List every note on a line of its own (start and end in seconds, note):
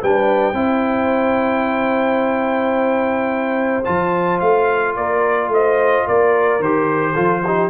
0.00 0.52 G3
0.00 0.54 D4
0.00 0.55 B4
0.00 3.84 G5
0.52 3.83 C4
0.52 3.84 E4
0.52 4.96 C5
3.84 4.41 F3
3.84 6.60 F4
3.84 4.39 A5
4.40 4.96 A3
4.40 4.95 F5
4.95 5.48 A#3
4.95 5.51 A#4
4.95 5.50 D5
5.48 6.03 A3
5.48 6.06 C5
5.48 6.07 D#5
6.06 6.59 A#3
6.06 7.13 A#4
6.06 6.62 D5
6.59 7.14 D#3
6.59 7.14 G4
6.59 7.69 C5
7.13 7.69 F3
7.13 7.42 F4
7.13 7.40 A4
7.45 7.69 D#4
7.45 7.69 G4